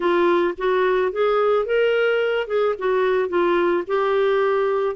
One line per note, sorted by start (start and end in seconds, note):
0.00 0.54 F4
0.57 1.12 F#4
1.12 1.65 G#4
1.65 2.47 A#4
2.47 2.74 G#4
2.78 3.28 F#4
3.28 3.83 F4
3.87 4.95 G4